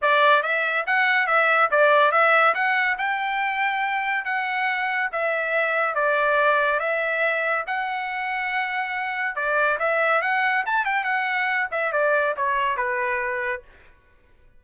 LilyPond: \new Staff \with { instrumentName = "trumpet" } { \time 4/4 \tempo 4 = 141 d''4 e''4 fis''4 e''4 | d''4 e''4 fis''4 g''4~ | g''2 fis''2 | e''2 d''2 |
e''2 fis''2~ | fis''2 d''4 e''4 | fis''4 a''8 g''8 fis''4. e''8 | d''4 cis''4 b'2 | }